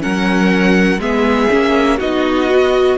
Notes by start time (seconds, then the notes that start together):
0.00 F#3 C#4 A#4 F#5
0.98 G#3 B3 G#4 E5
1.50 A#3 C#4
1.98 B3 D#4 F#4 D#5
2.50 F#4